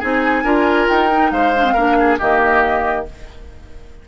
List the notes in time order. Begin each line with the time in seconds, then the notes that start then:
0.00 C4 D#4 G#4 G#5
0.44 D4 F4 A#4
0.89 D#4 G5
1.12 D#4
1.32 G#3 C5 F5
1.57 D4
1.65 C4
1.74 A#3 D4 A#4
2.00 G#4
2.19 D#3 A#3 G4 D#5